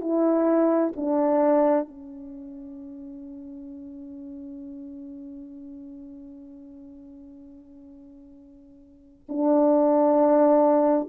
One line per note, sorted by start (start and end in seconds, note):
0.00 0.92 E4
0.96 1.87 D4
1.87 9.26 C#4
9.28 11.09 D4